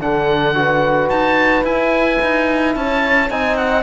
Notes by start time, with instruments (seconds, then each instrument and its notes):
0.00 cello D3, trombone D4, horn A4, oboe F#5
0.54 trombone F#4, horn B4
1.09 cello D#4, oboe A5
1.63 cello E4, trombone E4, oboe G#5
2.22 cello D#4
2.75 cello C#4, horn C#5, oboe A5
3.30 cello C4, trombone D#4, horn D#5, oboe G#5
3.57 oboe F#5